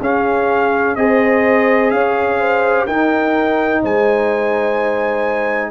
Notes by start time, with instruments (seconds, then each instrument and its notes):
0.00 tuba C#4, trombone C#4, horn G#4, trumpet F5
0.95 tuba C4, trombone G#4, horn C5, trumpet D#5
1.90 tuba C#4, horn C#5, trumpet F5
2.39 horn C5
2.86 tuba D#4, trombone D#4, horn A#4, trumpet G5
3.82 tuba G#3, horn C5, trumpet G#5